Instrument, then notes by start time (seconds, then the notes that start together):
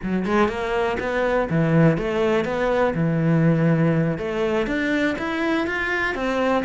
cello
0.02 F#3
0.25 G#3
0.48 A#3
0.99 B3
1.50 E3
1.97 A3
2.44 B3
2.95 E3
4.18 A3
4.67 D4
5.18 E4
5.66 F4
6.15 C4